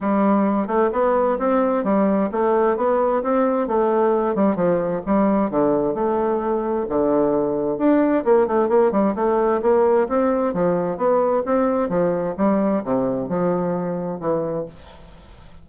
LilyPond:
\new Staff \with { instrumentName = "bassoon" } { \time 4/4 \tempo 4 = 131 g4. a8 b4 c'4 | g4 a4 b4 c'4 | a4. g8 f4 g4 | d4 a2 d4~ |
d4 d'4 ais8 a8 ais8 g8 | a4 ais4 c'4 f4 | b4 c'4 f4 g4 | c4 f2 e4 | }